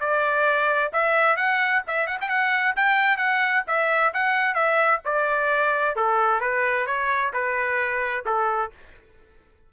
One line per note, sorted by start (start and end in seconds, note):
0.00 0.92 D5
0.93 1.37 E5
1.37 1.82 F#5
1.87 2.07 E5
2.07 2.18 F#5
2.21 2.29 G5
2.29 2.75 F#5
2.76 3.17 G5
3.17 3.63 F#5
3.67 4.13 E5
4.14 4.54 F#5
4.54 5.00 E5
5.05 5.96 D5
5.96 6.41 A4
6.41 6.87 B4
6.87 7.32 C#5
7.33 8.25 B4
8.26 8.71 A4